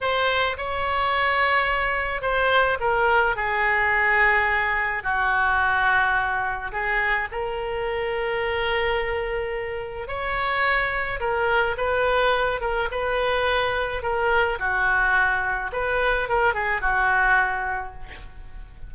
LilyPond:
\new Staff \with { instrumentName = "oboe" } { \time 4/4 \tempo 4 = 107 c''4 cis''2. | c''4 ais'4 gis'2~ | gis'4 fis'2. | gis'4 ais'2.~ |
ais'2 cis''2 | ais'4 b'4. ais'8 b'4~ | b'4 ais'4 fis'2 | b'4 ais'8 gis'8 fis'2 | }